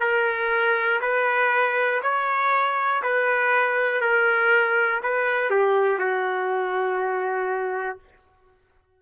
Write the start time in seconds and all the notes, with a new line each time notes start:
0.00 A#4
1.02 B4
2.03 C#5
3.03 B4
4.02 A#4
5.03 B4
5.51 G4
5.99 F#4